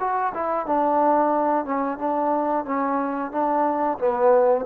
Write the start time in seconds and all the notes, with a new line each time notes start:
0.00 F#4
0.35 E4
0.67 D4
1.65 C#4
1.98 D4
2.65 C#4
3.32 D4
3.99 B3